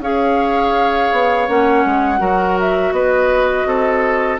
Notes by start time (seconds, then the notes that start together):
0.00 C#4 G#4 C#5 F5
1.12 B3
1.48 A#3 C#4 F#5
1.85 G#3
2.18 F#3 F#4 A#4
2.60 E5
2.92 B3 B4 D#5
3.66 C4 A4